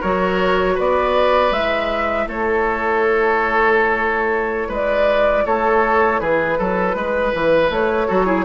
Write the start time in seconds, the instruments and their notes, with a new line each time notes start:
0.00 bassoon F#3, clarinet F#4, oboe A#4, flute C#5
0.74 bassoon B3, oboe B4, flute D5
1.51 bassoon G#3, clarinet E4, flute E5
2.27 bassoon A3, oboe A4, flute C#5
4.68 bassoon G#3, oboe B4, flute D5
5.45 bassoon A3, oboe A4, flute C#5
6.20 bassoon E3, oboe G#4, flute B4
6.58 bassoon F#3, oboe A4
6.95 bassoon G#3, oboe B4
7.34 bassoon E3
7.70 bassoon A3, flute C#5
8.07 bassoon F#3, clarinet F#4, oboe A4
8.26 clarinet E4, oboe G#4